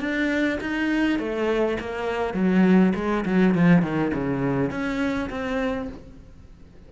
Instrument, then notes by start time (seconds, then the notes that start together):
cello
0.00 D4
0.60 D#4
1.19 A3
1.80 A#3
2.34 F#3
2.95 G#3
3.25 F#3
3.55 F3
3.82 D#3
4.14 C#3
4.71 C#4
5.30 C4